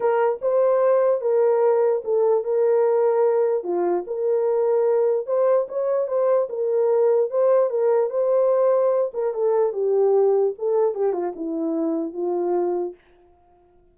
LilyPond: \new Staff \with { instrumentName = "horn" } { \time 4/4 \tempo 4 = 148 ais'4 c''2 ais'4~ | ais'4 a'4 ais'2~ | ais'4 f'4 ais'2~ | ais'4 c''4 cis''4 c''4 |
ais'2 c''4 ais'4 | c''2~ c''8 ais'8 a'4 | g'2 a'4 g'8 f'8 | e'2 f'2 | }